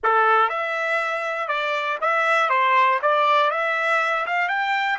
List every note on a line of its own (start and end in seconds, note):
0.03 0.49 A4
0.49 1.48 E5
1.48 1.98 D5
2.01 2.49 E5
2.49 2.99 C5
3.02 3.50 D5
3.50 4.25 E5
4.26 4.48 F5
4.48 4.98 G5